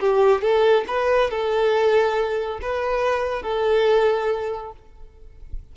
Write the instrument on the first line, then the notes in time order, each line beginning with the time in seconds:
violin
0.00 G4
0.41 A4
0.88 B4
1.30 A4
2.62 B4
3.43 A4